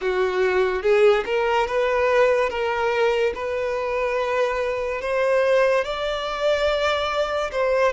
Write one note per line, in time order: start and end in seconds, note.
0.01 0.82 F#4
0.82 1.24 G#4
1.25 1.67 A#4
1.67 2.49 B4
2.49 3.33 A#4
3.34 5.01 B4
5.01 5.84 C5
5.84 7.50 D5
7.51 7.92 C5